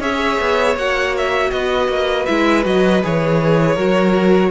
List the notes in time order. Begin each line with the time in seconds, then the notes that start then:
0.00 C#4 G#4 C#5 E5
0.40 B3
0.77 A#3 F#4 F#5
1.18 E5
1.52 B3 B4 D#5
1.88 A#3
2.26 G#3 E4 E5
2.64 F#3 F#4 D#5
3.03 E3 G#4 C#5
3.75 F#3 F#4 A#4